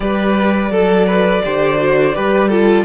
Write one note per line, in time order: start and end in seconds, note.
0.00 0.70 G3
0.00 0.71 G4
0.00 0.71 B4
0.00 2.84 D5
0.70 1.41 F#3
0.70 1.06 A4
0.70 1.43 A4
1.06 1.42 B4
1.43 2.16 D3
1.43 1.77 G4
1.43 2.15 C5
1.77 2.12 F#4
2.15 2.84 G3
2.15 2.50 G4
2.15 2.48 B4
2.48 2.84 F4
2.48 2.84 A4